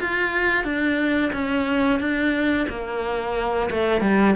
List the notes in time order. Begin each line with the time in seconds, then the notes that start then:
0.00 F4
0.64 D4
1.33 C#4
1.99 D4
2.69 A#3
3.70 A3
4.01 G3